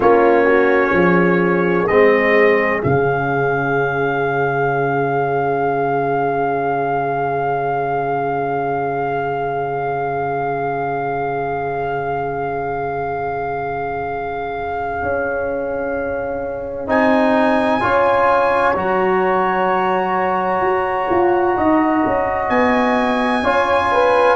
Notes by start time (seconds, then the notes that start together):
0.00 A#3 C#4 F4 C#5
0.45 F#4
0.91 F3 G#4
1.87 G#3 C4 D#5
2.82 C#3 C#4 F5
15.02 C#4
16.87 C4 D#4 G#5
17.80 C#4 F4 C#5
18.75 F#3 F#4 A#5
20.61 F#4
21.10 F4
21.56 D#4 D#5
22.05 C#4
22.49 B3 G#5
23.43 C#4 F4 C#5
23.92 B4